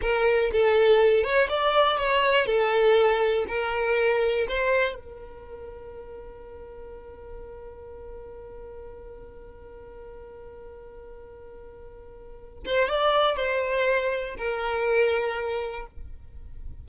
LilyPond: \new Staff \with { instrumentName = "violin" } { \time 4/4 \tempo 4 = 121 ais'4 a'4. cis''8 d''4 | cis''4 a'2 ais'4~ | ais'4 c''4 ais'2~ | ais'1~ |
ais'1~ | ais'1~ | ais'4. c''8 d''4 c''4~ | c''4 ais'2. | }